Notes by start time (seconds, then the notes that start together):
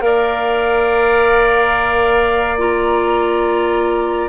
0.00 A#3 A#4 D5 F5
2.58 F4 A#5